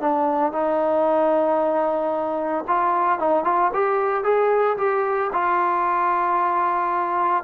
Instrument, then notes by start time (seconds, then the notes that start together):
trombone
0.00 D4
0.52 D#4
2.67 F4
3.19 D#4
3.44 F4
3.73 G4
4.24 G#4
4.77 G4
5.32 F4